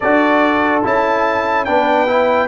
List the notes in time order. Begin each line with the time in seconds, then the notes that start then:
0.00 D4 F#4 A4 D5
0.83 C#4 E4 A5
1.65 B3 D4 B4 G5
2.07 E4